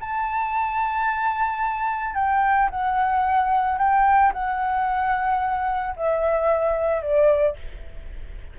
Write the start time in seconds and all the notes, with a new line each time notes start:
0.00 A5
2.15 G5
2.70 F#5
3.78 G5
4.33 F#5
5.96 E5
7.01 D5